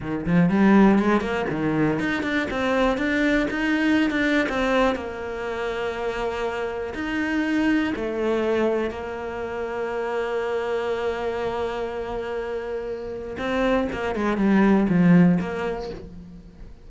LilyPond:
\new Staff \with { instrumentName = "cello" } { \time 4/4 \tempo 4 = 121 dis8 f8 g4 gis8 ais8 dis4 | dis'8 d'8 c'4 d'4 dis'4~ | dis'16 d'8. c'4 ais2~ | ais2 dis'2 |
a2 ais2~ | ais1~ | ais2. c'4 | ais8 gis8 g4 f4 ais4 | }